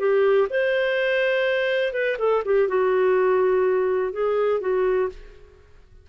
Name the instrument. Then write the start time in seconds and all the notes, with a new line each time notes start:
clarinet
0.00 G4
0.50 C5
1.94 B4
2.19 A4
2.46 G4
2.69 F#4
4.13 G#4
4.61 F#4